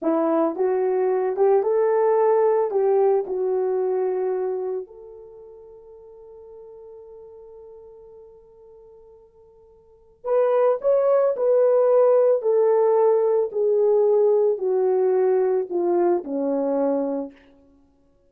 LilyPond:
\new Staff \with { instrumentName = "horn" } { \time 4/4 \tempo 4 = 111 e'4 fis'4. g'8 a'4~ | a'4 g'4 fis'2~ | fis'4 a'2.~ | a'1~ |
a'2. b'4 | cis''4 b'2 a'4~ | a'4 gis'2 fis'4~ | fis'4 f'4 cis'2 | }